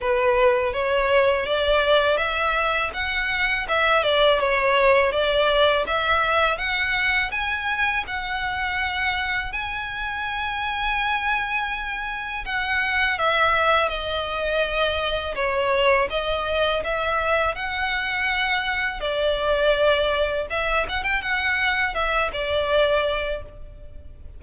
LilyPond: \new Staff \with { instrumentName = "violin" } { \time 4/4 \tempo 4 = 82 b'4 cis''4 d''4 e''4 | fis''4 e''8 d''8 cis''4 d''4 | e''4 fis''4 gis''4 fis''4~ | fis''4 gis''2.~ |
gis''4 fis''4 e''4 dis''4~ | dis''4 cis''4 dis''4 e''4 | fis''2 d''2 | e''8 fis''16 g''16 fis''4 e''8 d''4. | }